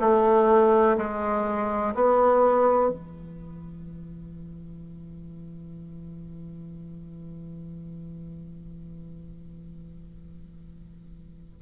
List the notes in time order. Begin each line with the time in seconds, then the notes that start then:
0.00 A3
0.98 G#3
1.95 B3
2.90 E3